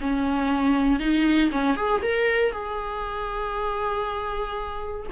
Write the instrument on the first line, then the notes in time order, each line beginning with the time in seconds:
viola
0.00 C#4
0.99 D#4
1.51 C#4
1.76 G#4
2.02 A#4
2.52 G#4